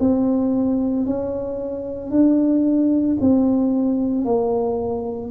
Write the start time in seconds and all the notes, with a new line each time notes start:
0.00 C4
1.06 C#4
2.10 D4
3.21 C4
4.25 A#3